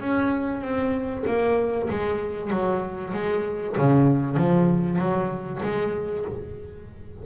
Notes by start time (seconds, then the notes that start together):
0.00 C#4
0.61 C4
1.26 A#3
1.89 G#3
2.50 F#3
3.13 G#3
3.77 C#3
4.36 F3
4.98 F#3
5.62 G#3